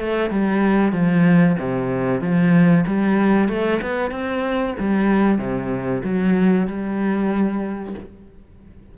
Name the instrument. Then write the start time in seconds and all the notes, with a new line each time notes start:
cello
0.00 A3
0.30 G3
0.93 F3
1.59 C3
2.21 F3
2.87 G3
3.49 A3
3.82 B3
4.11 C4
4.79 G3
5.38 C3
6.04 F#3
6.67 G3